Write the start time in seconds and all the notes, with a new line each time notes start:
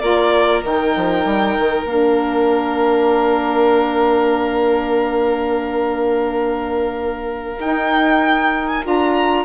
0.00 A#3 F4 A#4 D5
0.63 D#3 D#4 G5
0.96 F3
1.25 G3
1.59 D#3
1.85 A#3 D4 F5
7.59 D#4 G5
8.68 G#5
8.83 D4 F4 A#5